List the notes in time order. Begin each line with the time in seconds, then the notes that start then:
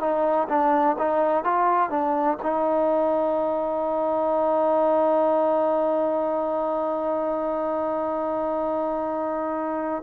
0.00 D#4
0.48 D4
0.98 D#4
1.44 F4
1.90 D4
2.42 D#4